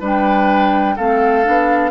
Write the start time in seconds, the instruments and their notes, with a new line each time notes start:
0.00 bassoon G3, clarinet D4, oboe B4
0.06 flute G5
0.96 bassoon A3, clarinet C4, oboe A4, flute F5
1.44 bassoon B3, clarinet D4